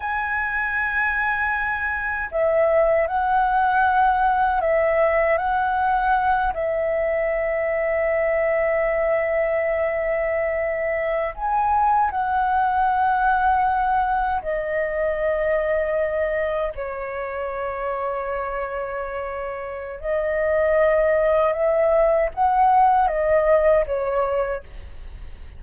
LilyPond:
\new Staff \with { instrumentName = "flute" } { \time 4/4 \tempo 4 = 78 gis''2. e''4 | fis''2 e''4 fis''4~ | fis''8 e''2.~ e''8~ | e''2~ e''8. gis''4 fis''16~ |
fis''2~ fis''8. dis''4~ dis''16~ | dis''4.~ dis''16 cis''2~ cis''16~ | cis''2 dis''2 | e''4 fis''4 dis''4 cis''4 | }